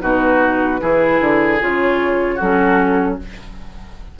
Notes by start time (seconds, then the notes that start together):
0.00 B2 D#4 F#4 B4
0.80 E3 E4 G#4
1.20 D3
1.60 C#3 F4 C#5
2.35 F#3 C#4 F#4 A4